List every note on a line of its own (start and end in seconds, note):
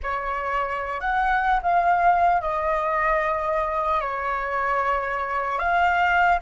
0.03 1.00 C#5
1.00 1.60 F#5
1.62 2.41 F5
2.41 4.00 D#5
4.00 5.58 C#5
5.58 6.38 F5